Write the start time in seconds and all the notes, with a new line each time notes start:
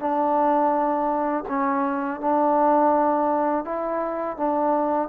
0.00 D4
1.49 C#4
2.21 D4
3.65 E4
4.37 D4